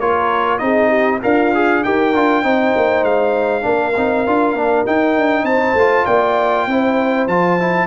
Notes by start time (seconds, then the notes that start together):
0.00 A#3 F4 A#4 C#5
0.59 C4 D#4 G#4 D#5
0.89 G4
1.22 D4 F4 A#4 F5
1.55 G#4
1.84 D#4 G4 A#4 G5
2.14 D4 F4
2.43 C4 D#4 C5
2.77 A#3
3.04 G#3 F5
3.62 A#3 D4 A#4
3.97 C4 D#4
4.27 D4 F4
4.54 A#3 D4
4.86 D#4 G5
5.17 D4
5.43 C4 C5 A5
5.74 A3 F4
6.06 A#3 D5 G5
6.67 C4 E4 C5
7.27 F3 F4 A5
7.59 E4